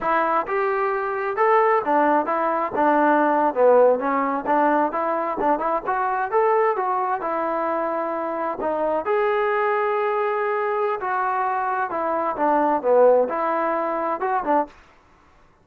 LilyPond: \new Staff \with { instrumentName = "trombone" } { \time 4/4 \tempo 4 = 131 e'4 g'2 a'4 | d'4 e'4 d'4.~ d'16 b16~ | b8. cis'4 d'4 e'4 d'16~ | d'16 e'8 fis'4 a'4 fis'4 e'16~ |
e'2~ e'8. dis'4 gis'16~ | gis'1 | fis'2 e'4 d'4 | b4 e'2 fis'8 d'8 | }